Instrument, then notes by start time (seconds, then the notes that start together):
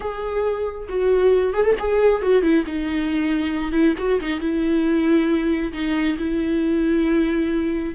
viola
0.00 G#4
0.88 F#4
1.53 G#4
1.64 A4
1.79 G#4
2.22 F#4
2.42 E4
2.66 D#4
3.72 E4
3.97 F#4
4.20 D#4
4.40 E4
5.72 D#4
6.17 E4